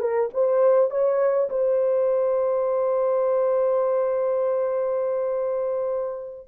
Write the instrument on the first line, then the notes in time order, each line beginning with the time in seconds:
horn
0.00 A#4
0.34 C5
0.91 C#5
1.50 C5